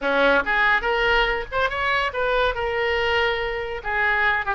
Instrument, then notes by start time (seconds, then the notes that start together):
oboe
0.01 C#4
0.45 G#4
0.81 A#4
1.51 C5
1.69 C#5
2.13 B4
2.54 A#4
3.83 G#4
4.45 G4